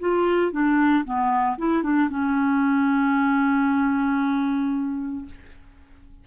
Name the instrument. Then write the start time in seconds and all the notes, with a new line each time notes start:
clarinet
0.00 F4
0.52 D4
1.05 B3
1.58 E4
1.83 D4
2.10 C#4